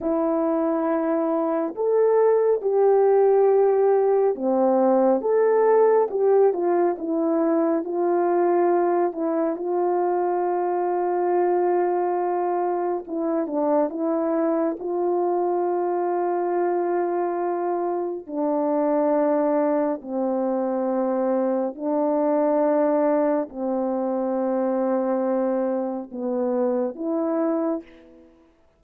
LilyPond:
\new Staff \with { instrumentName = "horn" } { \time 4/4 \tempo 4 = 69 e'2 a'4 g'4~ | g'4 c'4 a'4 g'8 f'8 | e'4 f'4. e'8 f'4~ | f'2. e'8 d'8 |
e'4 f'2.~ | f'4 d'2 c'4~ | c'4 d'2 c'4~ | c'2 b4 e'4 | }